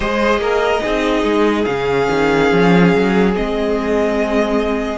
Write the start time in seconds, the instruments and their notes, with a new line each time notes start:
0.00 cello G#3, viola G#4, violin C5 D#5
0.37 cello A#3, violin A#4
0.82 cello C4, viola D#4, violin G#4
1.23 cello G#3
1.65 cello C#3, viola C#4, violin F5
2.10 cello D#3
2.52 cello F3
2.94 cello F#3
3.34 cello G#3, viola C4, violin D#5